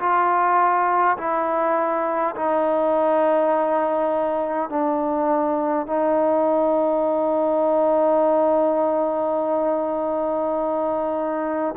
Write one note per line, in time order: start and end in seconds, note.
0.00 1.18 F4
1.18 2.35 E4
2.36 4.70 D#4
4.70 5.87 D4
5.87 11.75 D#4